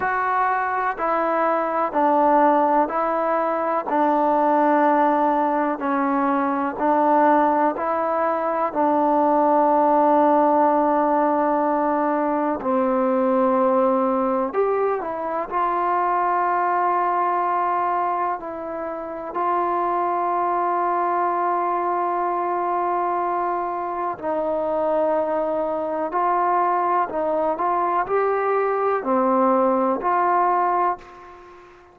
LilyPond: \new Staff \with { instrumentName = "trombone" } { \time 4/4 \tempo 4 = 62 fis'4 e'4 d'4 e'4 | d'2 cis'4 d'4 | e'4 d'2.~ | d'4 c'2 g'8 e'8 |
f'2. e'4 | f'1~ | f'4 dis'2 f'4 | dis'8 f'8 g'4 c'4 f'4 | }